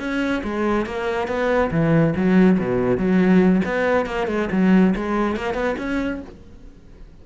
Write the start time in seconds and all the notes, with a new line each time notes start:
0.00 C#4
0.44 G#3
0.86 A#3
1.28 B3
1.72 E3
2.16 F#3
2.60 B2
2.98 F#3
3.66 B3
4.06 A#3
4.28 G#3
4.52 F#3
4.96 G#3
5.36 A#3
5.55 B3
5.79 C#4